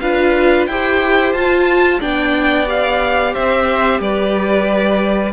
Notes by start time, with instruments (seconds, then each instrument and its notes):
0.00 cello D4, viola F4, violin B4 F5
0.67 cello E4, viola G4, violin C5 G5
1.33 cello F4, viola F4, violin A5
2.00 cello B3, viola D4, violin D5 G5
2.67 viola G4, violin F5
3.33 cello C4, violin C5 E5
4.00 cello G3, violin B4 D5